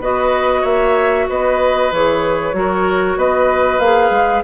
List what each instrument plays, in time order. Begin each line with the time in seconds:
0.00 bassoon B3, clarinet F#4, oboe B4, flute D#5
0.61 bassoon A#3, oboe C#5, flute E5
1.29 bassoon B3, oboe B4, flute D#5
1.92 bassoon E3, clarinet G#4, flute C#5
2.53 bassoon F#3, clarinet F#4, oboe A#4
3.16 bassoon B3, oboe B4, flute D#5
3.79 bassoon A#3, clarinet G#4, flute F5
4.10 bassoon G#3